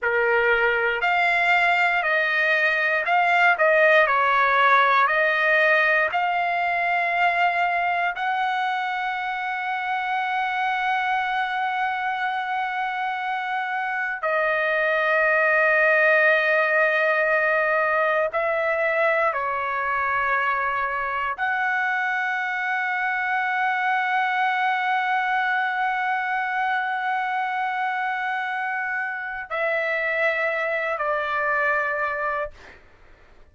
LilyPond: \new Staff \with { instrumentName = "trumpet" } { \time 4/4 \tempo 4 = 59 ais'4 f''4 dis''4 f''8 dis''8 | cis''4 dis''4 f''2 | fis''1~ | fis''2 dis''2~ |
dis''2 e''4 cis''4~ | cis''4 fis''2.~ | fis''1~ | fis''4 e''4. d''4. | }